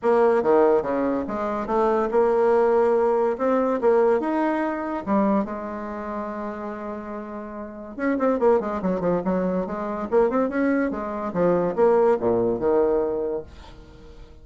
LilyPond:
\new Staff \with { instrumentName = "bassoon" } { \time 4/4 \tempo 4 = 143 ais4 dis4 cis4 gis4 | a4 ais2. | c'4 ais4 dis'2 | g4 gis2.~ |
gis2. cis'8 c'8 | ais8 gis8 fis8 f8 fis4 gis4 | ais8 c'8 cis'4 gis4 f4 | ais4 ais,4 dis2 | }